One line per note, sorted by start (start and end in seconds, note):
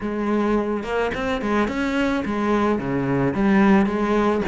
0.00 0.83 G#3
0.83 1.11 A#3
1.14 1.41 C4
1.41 1.68 G#3
1.68 2.23 C#4
2.25 2.79 G#3
2.79 3.33 C#3
3.33 3.86 G3
3.86 4.41 G#3